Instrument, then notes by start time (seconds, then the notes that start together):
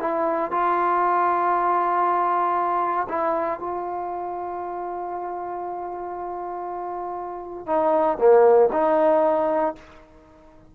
trombone
0.00 E4
0.51 F4
3.09 E4
3.59 F4
7.66 D#4
8.18 A#3
8.72 D#4